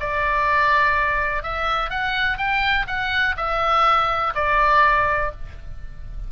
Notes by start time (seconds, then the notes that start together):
0.00 D5
1.43 E5
1.90 F#5
2.38 G5
2.87 F#5
3.37 E5
4.35 D5